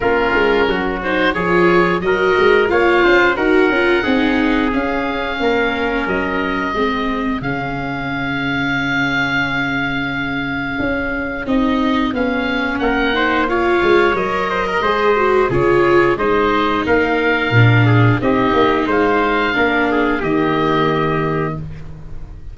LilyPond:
<<
  \new Staff \with { instrumentName = "oboe" } { \time 4/4 \tempo 4 = 89 ais'4. c''8 cis''4 dis''4 | f''4 fis''2 f''4~ | f''4 dis''2 f''4~ | f''1~ |
f''4 dis''4 f''4 fis''4 | f''4 dis''2 cis''4 | dis''4 f''2 dis''4 | f''2 dis''2 | }
  \new Staff \with { instrumentName = "trumpet" } { \time 4/4 f'4 fis'4 gis'4 ais'4 | cis''8 c''8 ais'4 gis'2 | ais'2 gis'2~ | gis'1~ |
gis'2. ais'8 c''8 | cis''4. c''16 ais'16 c''4 gis'4 | c''4 ais'4. gis'8 g'4 | c''4 ais'8 gis'8 g'2 | }
  \new Staff \with { instrumentName = "viola" } { \time 4/4 cis'4. dis'8 f'4 fis'4 | f'4 fis'8 f'8 dis'4 cis'4~ | cis'2 c'4 cis'4~ | cis'1~ |
cis'4 dis'4 cis'4. dis'8 | f'4 ais'4 gis'8 fis'8 f'4 | dis'2 d'4 dis'4~ | dis'4 d'4 ais2 | }
  \new Staff \with { instrumentName = "tuba" } { \time 4/4 ais8 gis8 fis4 f4 fis8 gis8 | ais8 cis'8 dis'8 cis'8 c'4 cis'4 | ais4 fis4 gis4 cis4~ | cis1 |
cis'4 c'4 b4 ais4~ | ais8 gis8 fis4 gis4 cis4 | gis4 ais4 ais,4 c'8 ais8 | gis4 ais4 dis2 | }
>>